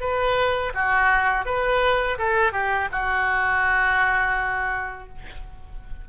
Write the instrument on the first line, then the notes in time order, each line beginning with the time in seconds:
oboe
0.00 B4
0.74 F#4
1.45 B4
2.18 A4
2.52 G4
2.91 F#4